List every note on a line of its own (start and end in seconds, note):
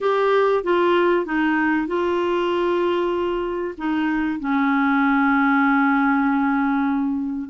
0.01 0.63 G4
0.63 1.25 F4
1.25 1.87 D#4
1.87 3.74 F4
3.77 4.39 D#4
4.39 7.49 C#4